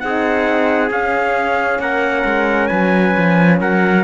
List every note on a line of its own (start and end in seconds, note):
0.00 0.91 C4
0.00 0.90 D#4
0.00 1.82 G#4
0.00 0.90 F#5
0.91 1.79 C#4
0.91 4.04 C#4
0.91 1.81 F5
1.79 2.24 A#3
1.79 2.70 A#4
1.79 2.67 F#5
2.25 2.70 G#3
2.67 3.16 F#3
2.67 3.59 B4
2.67 3.57 G#5
3.17 3.61 F3
3.61 4.04 F#3
3.61 4.04 A#4
3.61 4.04 F#5